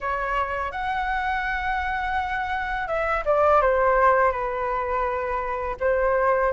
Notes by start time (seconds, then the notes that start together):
0.00 C#5
0.71 F#5
2.87 E5
3.25 D5
3.61 C5
4.31 B4
5.80 C5